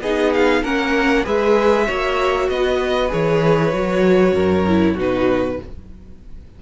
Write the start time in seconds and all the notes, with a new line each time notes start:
0.00 B3 D#4 G#4 D#5
0.33 F5
0.63 A#3 C#4 A#4 F#5
1.24 G#3 G#4 B4 E5
1.86 A#3 F#4 C#5
2.49 B3 B4 D#5
3.08 E3 G#4 C#5
3.73 F#3 F#4
4.32 F#2 A#4
4.67 E4
4.94 B2 D#4 F#4
5.00 B4